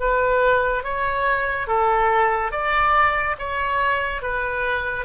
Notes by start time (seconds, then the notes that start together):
0.00 B4
0.83 C#5
1.67 A4
2.52 D5
3.39 C#5
4.22 B4